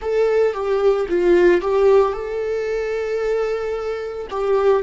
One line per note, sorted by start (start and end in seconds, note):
0.01 0.53 A4
0.53 1.07 G4
1.09 1.61 F4
1.61 2.12 G4
2.12 4.27 A4
4.30 4.83 G4